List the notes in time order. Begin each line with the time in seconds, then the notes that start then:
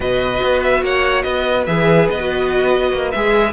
0.00 B2 F#4 B4 D#5
0.42 B3
0.62 E5
0.82 A#3 C#5 F#5
1.22 B3 B4 D#5
1.66 E3 G#4 E5
2.10 B3 D#5
2.19 F#4
2.92 A#3
3.11 G#3 G#4 E5